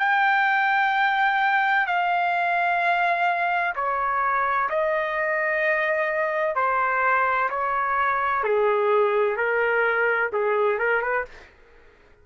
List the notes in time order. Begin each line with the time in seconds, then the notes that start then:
0.00 G5
1.87 F5
3.76 C#5
4.70 D#5
6.56 C5
7.50 C#5
8.44 G#4
9.37 A#4
10.33 G#4
10.79 A#4
11.02 B4